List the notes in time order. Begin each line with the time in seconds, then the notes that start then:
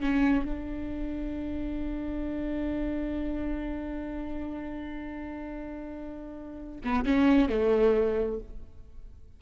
0.00 C#4
0.44 D4
6.84 B3
7.05 C#4
7.49 A3